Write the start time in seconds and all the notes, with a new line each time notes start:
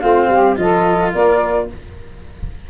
0.00 A3 C4 F4 F5
0.28 G3 G4
0.56 F3 F4 A4 D#5
1.12 A#3 A#4 D5